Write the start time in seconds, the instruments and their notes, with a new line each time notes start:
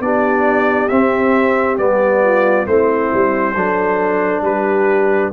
0.00 tuba B3, trombone D4, horn G4, trumpet D5
0.88 trombone C4, tuba C4, trumpet E5
1.78 tuba G3, trombone B3, trumpet D5
2.24 horn F4
2.67 tuba A3, trombone C4, horn E4, trumpet C5
3.14 tuba G3
3.55 tuba F#3, trombone D4, horn A4
4.41 tuba G3, horn G4, trumpet B4